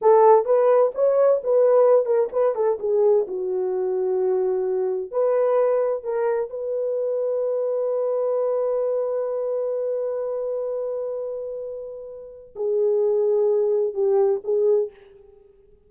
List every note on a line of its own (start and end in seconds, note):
0.01 0.45 A4
0.45 0.92 B4
0.95 1.41 C#5
1.43 2.05 B4
2.05 2.29 A#4
2.32 2.55 B4
2.55 2.78 A4
2.79 3.26 G#4
3.27 5.11 F#4
5.11 6.03 B4
6.03 6.49 A#4
6.49 12.54 B4
12.55 13.94 G#4
13.94 14.40 G4
14.43 14.90 G#4